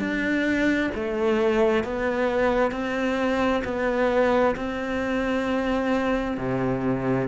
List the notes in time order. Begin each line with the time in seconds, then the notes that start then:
0.00 D4
0.95 A3
1.84 B3
2.72 C4
3.65 B3
4.56 C4
6.38 C3